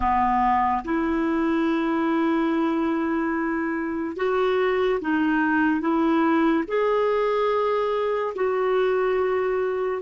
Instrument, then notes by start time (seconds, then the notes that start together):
clarinet
0.00 B3
0.84 E4
4.16 F#4
5.00 D#4
5.80 E4
6.67 G#4
8.35 F#4